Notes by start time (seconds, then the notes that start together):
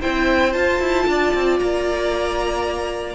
0.00 C4 E4 C5 G5
0.52 F4 A5
0.80 E4
1.07 D4 D5
1.34 C4
1.59 A#3 A#5